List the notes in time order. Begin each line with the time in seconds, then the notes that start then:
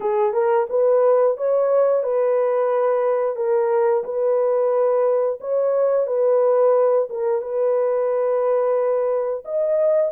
0.00 G#4
0.33 A#4
0.69 B4
1.37 C#5
2.03 B4
3.36 A#4
4.04 B4
5.40 C#5
6.06 B4
7.09 A#4
7.41 B4
9.44 D#5